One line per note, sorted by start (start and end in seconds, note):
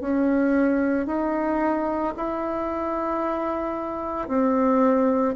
0.00 1.06 C#4
1.06 2.13 D#4
2.16 4.28 E4
4.28 5.35 C4